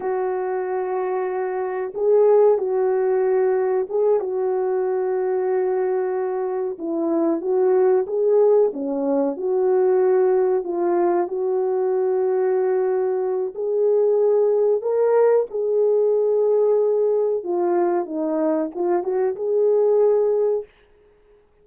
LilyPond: \new Staff \with { instrumentName = "horn" } { \time 4/4 \tempo 4 = 93 fis'2. gis'4 | fis'2 gis'8 fis'4.~ | fis'2~ fis'8 e'4 fis'8~ | fis'8 gis'4 cis'4 fis'4.~ |
fis'8 f'4 fis'2~ fis'8~ | fis'4 gis'2 ais'4 | gis'2. f'4 | dis'4 f'8 fis'8 gis'2 | }